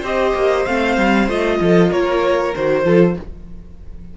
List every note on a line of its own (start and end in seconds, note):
0.00 0.34 C4
0.00 0.66 G4
0.00 1.56 C5
0.00 0.66 D#5
0.35 0.66 A#3
0.66 0.97 A3
0.66 1.28 C4
0.66 1.28 F5
0.97 1.28 G3
1.28 1.59 A3
1.28 2.53 F4
1.28 1.92 D#5
1.60 1.92 F3
1.60 1.91 A4
1.91 2.54 A#3
1.91 2.84 A#4
1.91 2.55 C#5
2.55 2.85 D#3
2.55 2.84 F#4
2.55 3.17 C5
2.84 3.16 F3
2.84 3.15 F4
2.84 3.15 A4